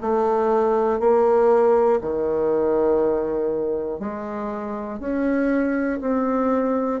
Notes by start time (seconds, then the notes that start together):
0.00 A3
0.99 A#3
2.00 D#3
4.00 G#3
5.00 C#4
6.00 C4